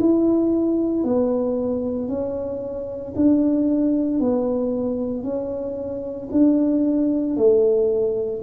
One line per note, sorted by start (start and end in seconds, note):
0.00 1.04 E4
1.04 2.08 B3
2.08 3.13 C#4
3.16 4.20 D4
4.20 5.23 B3
5.23 6.29 C#4
6.32 7.37 D4
7.37 8.42 A3